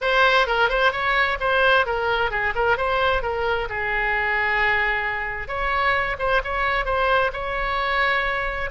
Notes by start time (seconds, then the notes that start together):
0.01 C5
0.46 A#4
0.69 C5
0.92 C#5
1.40 C5
1.85 A#4
2.30 G#4
2.55 A#4
2.77 C5
3.22 A#4
3.69 G#4
5.47 C#5
6.18 C5
6.44 C#5
6.85 C5
7.32 C#5